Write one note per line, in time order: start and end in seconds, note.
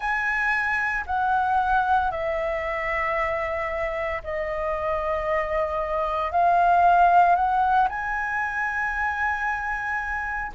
0.00 1.04 G#5
1.06 2.11 F#5
2.11 4.22 E5
4.23 6.32 D#5
6.32 7.35 F5
7.35 7.88 F#5
7.89 10.52 G#5